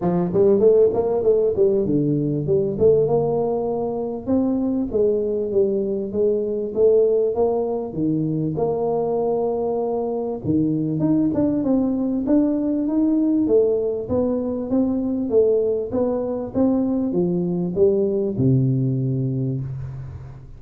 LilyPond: \new Staff \with { instrumentName = "tuba" } { \time 4/4 \tempo 4 = 98 f8 g8 a8 ais8 a8 g8 d4 | g8 a8 ais2 c'4 | gis4 g4 gis4 a4 | ais4 dis4 ais2~ |
ais4 dis4 dis'8 d'8 c'4 | d'4 dis'4 a4 b4 | c'4 a4 b4 c'4 | f4 g4 c2 | }